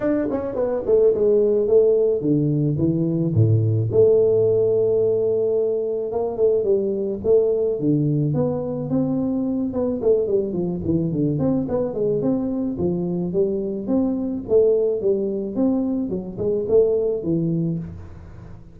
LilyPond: \new Staff \with { instrumentName = "tuba" } { \time 4/4 \tempo 4 = 108 d'8 cis'8 b8 a8 gis4 a4 | d4 e4 a,4 a4~ | a2. ais8 a8 | g4 a4 d4 b4 |
c'4. b8 a8 g8 f8 e8 | d8 c'8 b8 gis8 c'4 f4 | g4 c'4 a4 g4 | c'4 fis8 gis8 a4 e4 | }